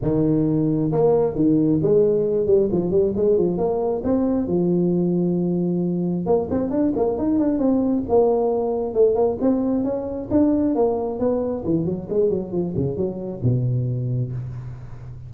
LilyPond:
\new Staff \with { instrumentName = "tuba" } { \time 4/4 \tempo 4 = 134 dis2 ais4 dis4 | gis4. g8 f8 g8 gis8 f8 | ais4 c'4 f2~ | f2 ais8 c'8 d'8 ais8 |
dis'8 d'8 c'4 ais2 | a8 ais8 c'4 cis'4 d'4 | ais4 b4 e8 fis8 gis8 fis8 | f8 cis8 fis4 b,2 | }